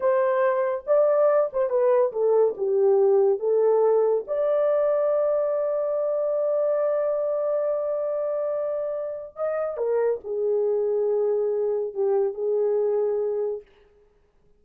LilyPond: \new Staff \with { instrumentName = "horn" } { \time 4/4 \tempo 4 = 141 c''2 d''4. c''8 | b'4 a'4 g'2 | a'2 d''2~ | d''1~ |
d''1~ | d''2 dis''4 ais'4 | gis'1 | g'4 gis'2. | }